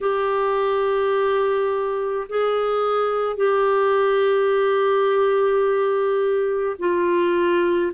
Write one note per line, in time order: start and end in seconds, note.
0.00 2.26 G4
2.28 3.36 G#4
3.36 6.76 G4
6.78 7.91 F4